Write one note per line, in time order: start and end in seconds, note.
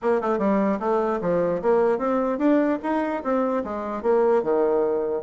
0.01 0.21 A#3
0.21 0.38 A3
0.38 0.78 G3
0.79 1.20 A3
1.21 1.61 F3
1.61 1.98 A#3
1.98 2.38 C4
2.38 2.78 D4
2.82 3.23 D#4
3.23 3.63 C4
3.64 4.02 G#3
4.02 4.42 A#3
4.43 5.23 D#3